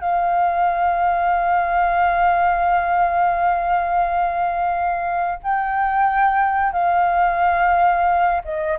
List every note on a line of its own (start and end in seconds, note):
0.00 5.39 F5
5.43 6.73 G5
6.73 8.41 F5
8.44 8.78 D#5